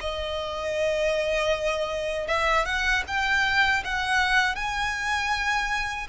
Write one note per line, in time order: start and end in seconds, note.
0.00 2.27 D#5
2.27 2.65 E5
2.65 3.03 F#5
3.07 3.83 G5
3.84 4.55 F#5
4.55 6.07 G#5